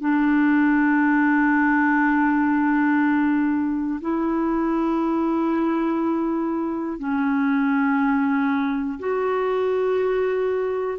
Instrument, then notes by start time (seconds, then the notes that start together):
clarinet
0.00 D4
4.00 E4
6.99 C#4
8.99 F#4